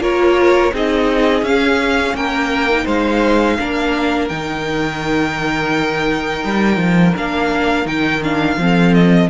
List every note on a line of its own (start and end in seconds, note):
0.00 0.71 A#3
0.00 0.72 F4
0.00 0.73 A#4
0.00 0.74 C#5
0.73 1.42 C4
0.73 1.45 D#4
0.73 2.16 G#4
0.73 1.45 D#5
1.42 2.14 C#4
1.42 2.70 C#4
1.42 2.16 F5
2.14 2.86 A#3
2.14 2.85 A#4
2.14 2.88 G5
2.70 3.59 D#4
2.85 3.58 G#3
2.85 3.56 C5
2.85 4.29 F5
3.59 4.30 A#3
3.59 4.30 D4
3.59 8.60 A#4
4.29 6.44 D#3
4.29 7.17 D#4
4.29 7.15 G5
6.44 6.77 G3
6.77 7.13 F3
7.17 7.85 A#3
7.17 7.86 D4
7.17 7.87 F5
7.85 8.57 D#3
7.85 8.22 D#4
7.85 8.23 G5
8.23 8.59 D4
8.23 8.94 F5
8.58 9.29 F3
8.58 9.31 C4
8.58 9.31 A4
8.94 9.30 D#5